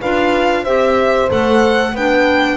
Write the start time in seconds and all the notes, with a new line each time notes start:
0.00 D4 F4 B4 F5
0.63 C4 G4 C5 E5
1.29 A3 A4 F#5
1.93 B3 D4 B4 G5